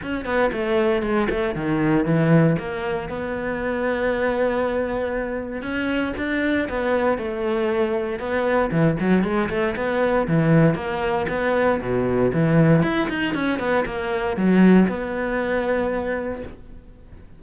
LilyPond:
\new Staff \with { instrumentName = "cello" } { \time 4/4 \tempo 4 = 117 cis'8 b8 a4 gis8 a8 dis4 | e4 ais4 b2~ | b2. cis'4 | d'4 b4 a2 |
b4 e8 fis8 gis8 a8 b4 | e4 ais4 b4 b,4 | e4 e'8 dis'8 cis'8 b8 ais4 | fis4 b2. | }